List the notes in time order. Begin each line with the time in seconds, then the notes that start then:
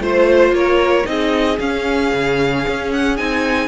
0.00 A3 F4 C5
0.51 A#3 A#4 C#5
1.05 C4 D#4 G#4 D#5
1.59 C#4 F5
2.13 C#3
2.67 C#4
2.93 F#5
3.17 C4 D#4 G#5